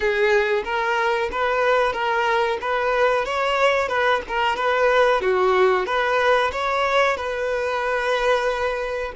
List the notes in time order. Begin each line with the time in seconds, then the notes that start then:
0.00 G#4
0.64 A#4
1.31 B4
1.92 A#4
2.61 B4
3.25 C#5
3.88 B4
4.27 A#4
4.56 B4
5.21 F#4
5.85 B4
6.52 C#5
7.16 B4